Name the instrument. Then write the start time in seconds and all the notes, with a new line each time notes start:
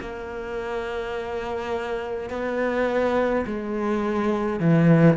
cello
0.00 A#3
2.29 B3
3.46 G#3
4.60 E3